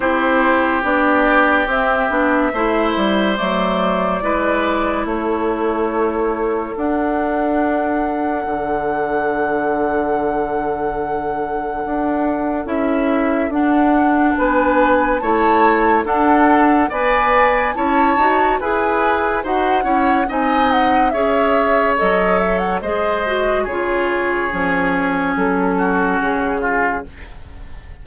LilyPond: <<
  \new Staff \with { instrumentName = "flute" } { \time 4/4 \tempo 4 = 71 c''4 d''4 e''2 | d''2 cis''2 | fis''1~ | fis''2. e''4 |
fis''4 gis''4 a''4 fis''4 | gis''4 a''4 gis''4 fis''4 | gis''8 fis''8 e''4 dis''8 e''16 fis''16 dis''4 | cis''2 a'4 gis'4 | }
  \new Staff \with { instrumentName = "oboe" } { \time 4/4 g'2. c''4~ | c''4 b'4 a'2~ | a'1~ | a'1~ |
a'4 b'4 cis''4 a'4 | d''4 cis''4 b'4 c''8 cis''8 | dis''4 cis''2 c''4 | gis'2~ gis'8 fis'4 f'8 | }
  \new Staff \with { instrumentName = "clarinet" } { \time 4/4 e'4 d'4 c'8 d'8 e'4 | a4 e'2. | d'1~ | d'2. e'4 |
d'2 e'4 d'4 | b'4 e'8 fis'8 gis'4 fis'8 e'8 | dis'4 gis'4 a'4 gis'8 fis'8 | f'4 cis'2. | }
  \new Staff \with { instrumentName = "bassoon" } { \time 4/4 c'4 b4 c'8 b8 a8 g8 | fis4 gis4 a2 | d'2 d2~ | d2 d'4 cis'4 |
d'4 b4 a4 d'4 | b4 cis'8 dis'8 e'4 dis'8 cis'8 | c'4 cis'4 fis4 gis4 | cis4 f4 fis4 cis4 | }
>>